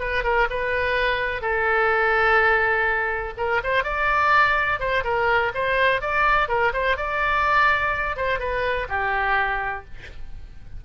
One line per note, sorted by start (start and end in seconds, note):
0.00 0.24 B4
0.24 0.48 A#4
0.50 1.42 B4
1.42 3.34 A4
3.37 3.61 A#4
3.64 3.84 C5
3.84 4.80 D5
4.80 5.04 C5
5.04 5.52 A#4
5.55 6.01 C5
6.01 6.49 D5
6.49 6.73 A#4
6.73 6.97 C5
6.97 8.17 D5
8.17 8.39 C5
8.39 8.87 B4
8.89 9.85 G4